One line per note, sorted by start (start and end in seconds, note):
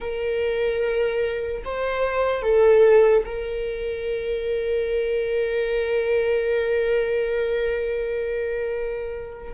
0.00 1.63 A#4
1.64 2.42 C5
2.42 3.23 A4
3.25 9.53 A#4